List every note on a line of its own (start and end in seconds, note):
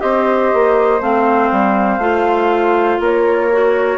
0.00 0.53 C4
0.00 1.00 G4
0.00 3.01 C5
0.00 1.01 D#5
0.54 1.01 A#3
1.01 1.51 A3
1.01 2.01 C4
1.01 3.02 F5
1.52 1.99 G3
1.99 2.99 A3
1.99 3.51 F4
3.00 3.98 A#3
3.00 3.98 A#4
3.00 3.98 C#5
3.52 3.98 F#4